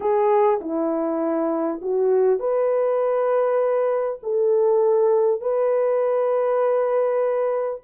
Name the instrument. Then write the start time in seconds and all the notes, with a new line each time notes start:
horn
0.00 G#4
0.60 E4
1.81 F#4
2.39 B4
4.22 A4
5.40 B4